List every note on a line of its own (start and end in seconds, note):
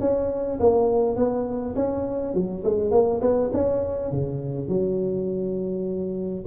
0.00 0.59 C#4
0.60 1.16 A#3
1.16 1.75 B3
1.75 2.34 C#4
2.34 2.63 F#3
2.64 2.91 G#3
2.91 3.20 A#3
3.21 3.51 B3
3.53 4.11 C#4
4.11 4.68 C#3
4.68 6.44 F#3